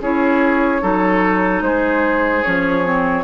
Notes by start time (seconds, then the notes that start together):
0.00 C#4 E4 G#4 C#5
0.80 F#3 D#4 A4
1.61 G#3 G#4 C5
2.43 F3 C#4 C#5
2.83 C4